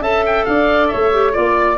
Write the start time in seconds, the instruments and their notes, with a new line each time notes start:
0.00 tuba C#4, clarinet A4, flute E5, oboe A5
0.26 oboe G5
0.44 tuba D4, flute D5, oboe F5
0.87 flute C#5, oboe E5
0.94 tuba A3
1.12 clarinet G4
1.32 tuba A#3, clarinet F4, oboe D5, flute D5